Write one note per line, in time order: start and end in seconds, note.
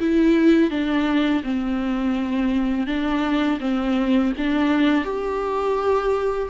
0.00 0.71 E4
0.71 1.43 D4
1.44 2.87 C4
2.87 3.59 D4
3.60 4.33 C4
4.38 5.05 D4
5.05 6.49 G4